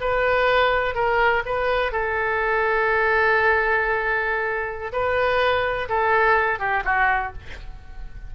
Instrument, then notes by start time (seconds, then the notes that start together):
oboe
0.00 B4
0.94 A#4
1.45 B4
1.92 A4
4.92 B4
5.88 A4
6.59 G4
6.84 F#4